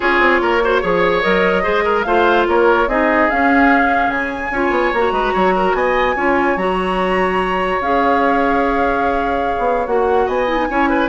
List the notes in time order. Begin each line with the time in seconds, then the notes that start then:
0.00 C#4 F4 G#4 C#5
0.19 C4
0.40 A#3 A#4
0.62 F#4 C5
0.81 F3 G#4 C#5
1.21 F#3 A#4 D#5
1.62 G#3 G#4 C5
1.84 A#4
2.03 A3 F4 C5 F5
2.47 A#3 A#4 C#5
2.87 C4 D#4 G#4 D#5
3.29 C#4 F5
4.08 C#3 G#5
4.50 C#4 F4 C#5
4.70 B3
4.93 A#3 F#4 A#5
5.11 G#3 B4
5.33 F#3 C#5
5.56 A#4
5.73 B3 D#5 G#5
6.15 C#4 F4 C#5
6.56 F#3 F#4 A#5
7.80 C#4 G#4 F5
9.58 B3
9.86 A#3 F#4 F#5
10.26 B3 D#5 G#5
10.47 E4
10.57 D#4
10.69 C#4 E4 C#5
10.89 B4